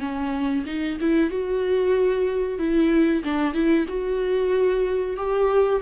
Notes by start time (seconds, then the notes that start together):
0.00 C#4
0.67 D#4
1.01 E4
1.30 F#4
2.59 E4
3.25 D4
3.54 E4
3.89 F#4
5.17 G4